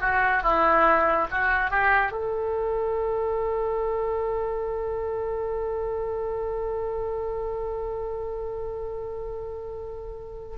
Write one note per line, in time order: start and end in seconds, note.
0.00 0.42 F#4
0.42 1.27 E4
1.31 1.70 F#4
1.70 2.11 G4
2.11 10.56 A4